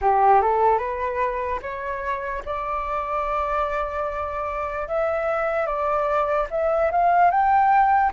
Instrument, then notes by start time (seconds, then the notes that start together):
flute
0.01 G4
0.41 A4
0.78 B4
1.61 C#5
2.45 D5
4.88 E5
5.66 D5
6.50 E5
6.91 F5
7.30 G5